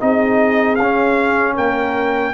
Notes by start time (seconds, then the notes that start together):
0.00 C4 D#4 G#4 D#5
0.76 C#4 F5
0.82 C#4
1.55 A#3 A#4 G5